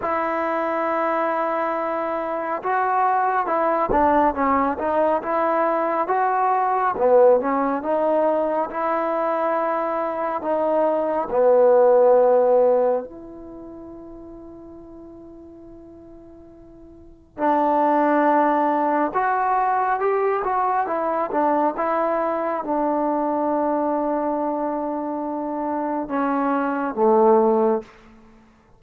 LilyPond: \new Staff \with { instrumentName = "trombone" } { \time 4/4 \tempo 4 = 69 e'2. fis'4 | e'8 d'8 cis'8 dis'8 e'4 fis'4 | b8 cis'8 dis'4 e'2 | dis'4 b2 e'4~ |
e'1 | d'2 fis'4 g'8 fis'8 | e'8 d'8 e'4 d'2~ | d'2 cis'4 a4 | }